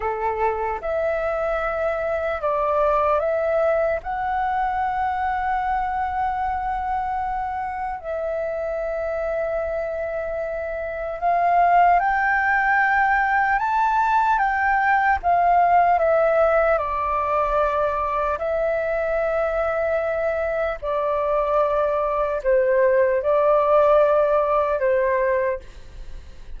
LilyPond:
\new Staff \with { instrumentName = "flute" } { \time 4/4 \tempo 4 = 75 a'4 e''2 d''4 | e''4 fis''2.~ | fis''2 e''2~ | e''2 f''4 g''4~ |
g''4 a''4 g''4 f''4 | e''4 d''2 e''4~ | e''2 d''2 | c''4 d''2 c''4 | }